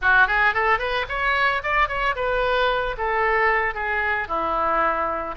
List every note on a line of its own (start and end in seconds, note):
0.01 0.27 F#4
0.27 0.54 G#4
0.54 0.79 A4
0.79 1.05 B4
1.09 1.62 C#5
1.63 1.88 D5
1.88 2.15 C#5
2.15 2.96 B4
2.97 3.74 A4
3.74 4.27 G#4
4.28 5.35 E4